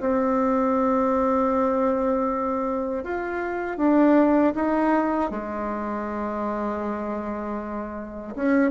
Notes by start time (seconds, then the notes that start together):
0.00 C4
3.04 F4
3.78 D4
4.55 D#4
5.31 G#3
8.35 C#4